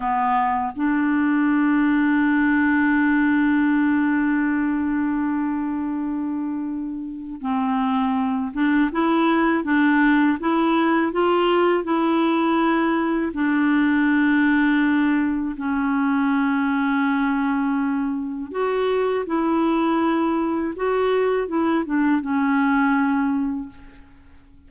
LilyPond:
\new Staff \with { instrumentName = "clarinet" } { \time 4/4 \tempo 4 = 81 b4 d'2.~ | d'1~ | d'2 c'4. d'8 | e'4 d'4 e'4 f'4 |
e'2 d'2~ | d'4 cis'2.~ | cis'4 fis'4 e'2 | fis'4 e'8 d'8 cis'2 | }